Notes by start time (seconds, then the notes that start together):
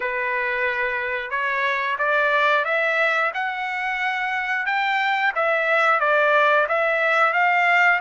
0.00 B4
1.30 C#5
1.98 D5
2.65 E5
3.34 F#5
4.65 G5
5.35 E5
6.00 D5
6.68 E5
7.33 F5